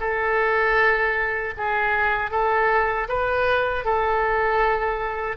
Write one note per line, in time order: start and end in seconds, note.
0.00 1.54 A4
1.57 2.31 G#4
2.31 3.08 A4
3.08 3.85 B4
3.85 5.37 A4